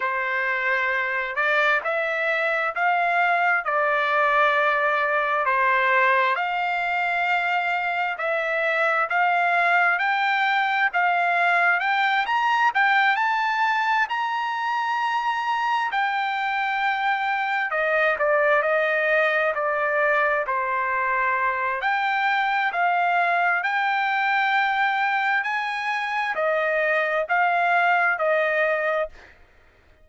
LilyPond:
\new Staff \with { instrumentName = "trumpet" } { \time 4/4 \tempo 4 = 66 c''4. d''8 e''4 f''4 | d''2 c''4 f''4~ | f''4 e''4 f''4 g''4 | f''4 g''8 ais''8 g''8 a''4 ais''8~ |
ais''4. g''2 dis''8 | d''8 dis''4 d''4 c''4. | g''4 f''4 g''2 | gis''4 dis''4 f''4 dis''4 | }